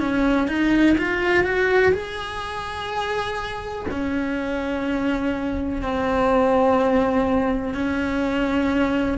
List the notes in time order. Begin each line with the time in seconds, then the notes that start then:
0.00 C#4
0.48 D#4
0.98 F4
1.44 F#4
1.93 G#4
3.91 C#4
5.82 C4
7.74 C#4